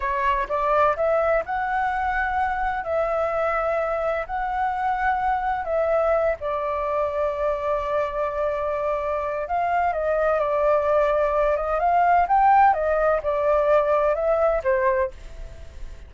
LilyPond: \new Staff \with { instrumentName = "flute" } { \time 4/4 \tempo 4 = 127 cis''4 d''4 e''4 fis''4~ | fis''2 e''2~ | e''4 fis''2. | e''4. d''2~ d''8~ |
d''1 | f''4 dis''4 d''2~ | d''8 dis''8 f''4 g''4 dis''4 | d''2 e''4 c''4 | }